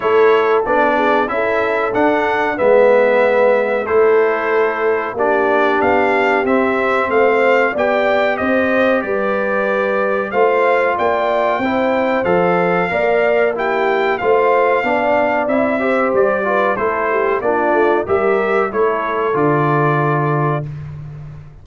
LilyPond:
<<
  \new Staff \with { instrumentName = "trumpet" } { \time 4/4 \tempo 4 = 93 cis''4 d''4 e''4 fis''4 | e''2 c''2 | d''4 f''4 e''4 f''4 | g''4 dis''4 d''2 |
f''4 g''2 f''4~ | f''4 g''4 f''2 | e''4 d''4 c''4 d''4 | e''4 cis''4 d''2 | }
  \new Staff \with { instrumentName = "horn" } { \time 4/4 a'4. gis'8 a'2 | b'2 a'2 | g'2. c''4 | d''4 c''4 b'2 |
c''4 d''4 c''2 | d''4 g'4 c''4 d''4~ | d''8 c''4 b'8 a'8 g'8 f'4 | ais'4 a'2. | }
  \new Staff \with { instrumentName = "trombone" } { \time 4/4 e'4 d'4 e'4 d'4 | b2 e'2 | d'2 c'2 | g'1 |
f'2 e'4 a'4 | ais'4 e'4 f'4 d'4 | e'8 g'4 f'8 e'4 d'4 | g'4 e'4 f'2 | }
  \new Staff \with { instrumentName = "tuba" } { \time 4/4 a4 b4 cis'4 d'4 | gis2 a2 | ais4 b4 c'4 a4 | b4 c'4 g2 |
a4 ais4 c'4 f4 | ais2 a4 b4 | c'4 g4 a4 ais8 a8 | g4 a4 d2 | }
>>